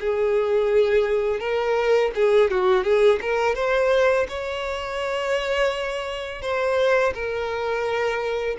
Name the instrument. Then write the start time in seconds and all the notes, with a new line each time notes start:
violin
0.00 G#4
1.39 A#4
2.15 G#4
2.50 F#4
2.83 G#4
3.21 A#4
3.55 C5
4.28 C#5
6.42 C5
7.14 A#4